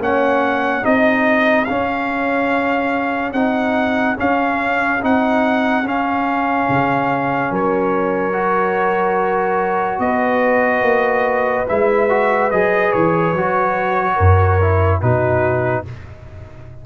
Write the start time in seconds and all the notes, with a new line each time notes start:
0.00 A#3 C#4 C#5 F#5
0.82 C4 D#4 G#4 D#5
1.65 C#4 F5
3.33 C4 D#4 F#5
4.17 C#4 F5
5.02 C4 D#4 F#5
5.84 C#4 F5
6.69 C#3
7.51 F#3 A#4 C#5
8.33 F#4
9.99 B3 B4 D#5
10.82 A#3
11.69 G#3 E4 E5
12.10 F#4
12.51 F#3 G#4 D#5
12.92 E3 C#5
13.33 F#3 F#4
14.16 F#2 A#4
14.61 E4
15.01 B2 D#4 F#4 B4